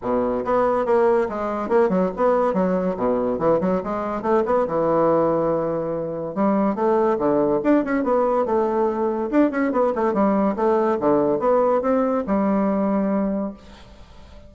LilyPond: \new Staff \with { instrumentName = "bassoon" } { \time 4/4 \tempo 4 = 142 b,4 b4 ais4 gis4 | ais8 fis8 b4 fis4 b,4 | e8 fis8 gis4 a8 b8 e4~ | e2. g4 |
a4 d4 d'8 cis'8 b4 | a2 d'8 cis'8 b8 a8 | g4 a4 d4 b4 | c'4 g2. | }